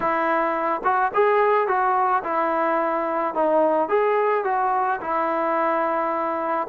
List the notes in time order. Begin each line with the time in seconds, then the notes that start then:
0.00 E4
0.83 F#4
1.14 G#4
1.67 F#4
2.23 E4
3.34 D#4
3.88 G#4
4.44 F#4
5.01 E4